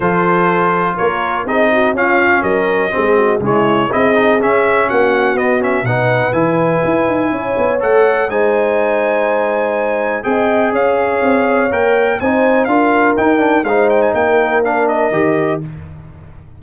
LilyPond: <<
  \new Staff \with { instrumentName = "trumpet" } { \time 4/4 \tempo 4 = 123 c''2 cis''4 dis''4 | f''4 dis''2 cis''4 | dis''4 e''4 fis''4 dis''8 e''8 | fis''4 gis''2. |
fis''4 gis''2.~ | gis''4 g''4 f''2 | g''4 gis''4 f''4 g''4 | f''8 g''16 gis''16 g''4 f''8 dis''4. | }
  \new Staff \with { instrumentName = "horn" } { \time 4/4 a'2 ais'4 gis'8 fis'8 | f'4 ais'4 gis'8 fis'8 e'4 | gis'2 fis'2 | b'2. cis''4~ |
cis''4 c''2.~ | c''4 dis''4 cis''2~ | cis''4 c''4 ais'2 | c''4 ais'2. | }
  \new Staff \with { instrumentName = "trombone" } { \time 4/4 f'2. dis'4 | cis'2 c'4 gis4 | e'8 dis'8 cis'2 b8 cis'8 | dis'4 e'2. |
a'4 dis'2.~ | dis'4 gis'2. | ais'4 dis'4 f'4 dis'8 d'8 | dis'2 d'4 g'4 | }
  \new Staff \with { instrumentName = "tuba" } { \time 4/4 f2 ais4 c'4 | cis'4 fis4 gis4 cis4 | c'4 cis'4 ais4 b4 | b,4 e4 e'8 dis'8 cis'8 b8 |
a4 gis2.~ | gis4 c'4 cis'4 c'4 | ais4 c'4 d'4 dis'4 | gis4 ais2 dis4 | }
>>